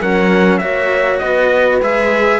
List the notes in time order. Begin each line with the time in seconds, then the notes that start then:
0.00 F#3 C#4 A#4 F#5
0.58 A#3 F#4 C#5 E5
1.19 B3 B4 D#5
1.81 G#3 G#4 E5